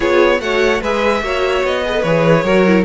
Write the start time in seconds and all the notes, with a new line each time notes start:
0.00 B3 F4 G#4 C#5
0.39 A3 F#4 C#5 F#5
0.81 G#3 G#4 B4 E5
1.21 A#3 F#4 C#5
1.63 B3 D#5
1.85 G#4 B4
1.92 A4
2.02 E3 G#4 C#5
2.43 F#3 F#4 A#4
2.66 E4